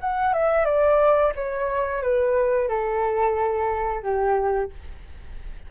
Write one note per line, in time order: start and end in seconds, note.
0.00 0.33 F#5
0.33 0.65 E5
0.65 1.32 D5
1.35 2.02 C#5
2.02 2.68 B4
2.68 4.02 A4
4.02 4.70 G4